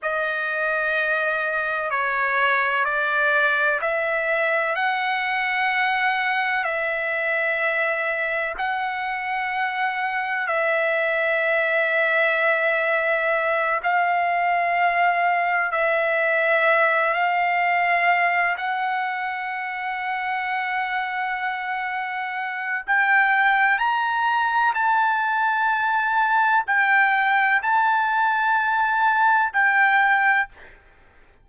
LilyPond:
\new Staff \with { instrumentName = "trumpet" } { \time 4/4 \tempo 4 = 63 dis''2 cis''4 d''4 | e''4 fis''2 e''4~ | e''4 fis''2 e''4~ | e''2~ e''8 f''4.~ |
f''8 e''4. f''4. fis''8~ | fis''1 | g''4 ais''4 a''2 | g''4 a''2 g''4 | }